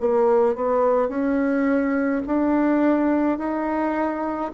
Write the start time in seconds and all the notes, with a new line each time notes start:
0.00 A#3
0.55 B3
1.08 C#4
2.26 D4
3.38 D#4